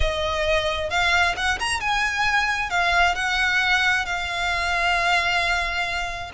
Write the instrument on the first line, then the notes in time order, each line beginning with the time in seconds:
violin
0.00 D#5
0.90 F5
1.36 F#5
1.59 A#5
1.80 G#5
2.70 F5
3.15 F#5
4.05 F5